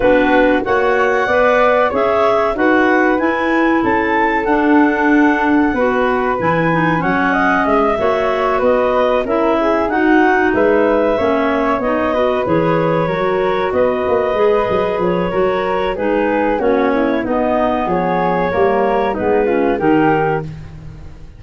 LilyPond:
<<
  \new Staff \with { instrumentName = "clarinet" } { \time 4/4 \tempo 4 = 94 b'4 fis''2 e''4 | fis''4 gis''4 a''4 fis''4~ | fis''2 gis''4 fis''4 | e''4. dis''4 e''4 fis''8~ |
fis''8 e''2 dis''4 cis''8~ | cis''4. dis''2 cis''8~ | cis''4 b'4 cis''4 dis''4 | cis''2 b'4 ais'4 | }
  \new Staff \with { instrumentName = "flute" } { \time 4/4 fis'4 cis''4 d''4 cis''4 | b'2 a'2~ | a'4 b'2 cis''8 dis''8~ | dis''8 cis''4 b'4 ais'8 gis'8 fis'8~ |
fis'8 b'4 cis''4. b'4~ | b'8 ais'4 b'2~ b'8 | ais'4 gis'4 fis'8 e'8 dis'4 | gis'4 ais'4 dis'8 f'8 g'4 | }
  \new Staff \with { instrumentName = "clarinet" } { \time 4/4 d'4 fis'4 b'4 gis'4 | fis'4 e'2 d'4~ | d'4 fis'4 e'8 dis'8 cis'4~ | cis'8 fis'2 e'4 dis'8~ |
dis'4. cis'4 dis'8 fis'8 gis'8~ | gis'8 fis'2 gis'4. | fis'4 dis'4 cis'4 b4~ | b4 ais4 b8 cis'8 dis'4 | }
  \new Staff \with { instrumentName = "tuba" } { \time 4/4 b4 ais4 b4 cis'4 | dis'4 e'4 cis'4 d'4~ | d'4 b4 e4 fis4 | gis8 ais4 b4 cis'4 dis'8~ |
dis'8 gis4 ais4 b4 e8~ | e8 fis4 b8 ais8 gis8 fis8 f8 | fis4 gis4 ais4 b4 | f4 g4 gis4 dis4 | }
>>